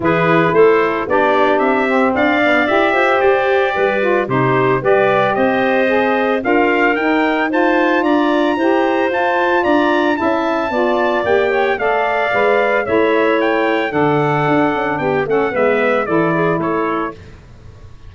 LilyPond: <<
  \new Staff \with { instrumentName = "trumpet" } { \time 4/4 \tempo 4 = 112 b'4 c''4 d''4 e''4 | f''4 e''4 d''2 | c''4 d''4 dis''2 | f''4 g''4 a''4 ais''4~ |
ais''4 a''4 ais''4 a''4~ | a''4 g''4 f''2 | e''4 g''4 fis''2 | g''8 fis''8 e''4 d''4 cis''4 | }
  \new Staff \with { instrumentName = "clarinet" } { \time 4/4 gis'4 a'4 g'2 | d''4. c''4. b'4 | g'4 b'4 c''2 | ais'2 c''4 d''4 |
c''2 d''4 e''4 | d''4. cis''8 d''2 | cis''2 a'2 | g'8 a'8 b'4 a'8 gis'8 a'4 | }
  \new Staff \with { instrumentName = "saxophone" } { \time 4/4 e'2 d'4. c'8~ | c'8 b8 g'2~ g'8 f'8 | dis'4 g'2 gis'4 | f'4 dis'4 f'2 |
g'4 f'2 e'4 | f'4 g'4 a'4 b'4 | e'2 d'2~ | d'8 cis'8 b4 e'2 | }
  \new Staff \with { instrumentName = "tuba" } { \time 4/4 e4 a4 b4 c'4 | d'4 e'8 f'8 g'4 g4 | c4 g4 c'2 | d'4 dis'2 d'4 |
e'4 f'4 d'4 cis'4 | b4 ais4 a4 gis4 | a2 d4 d'8 cis'8 | b8 a8 gis4 e4 a4 | }
>>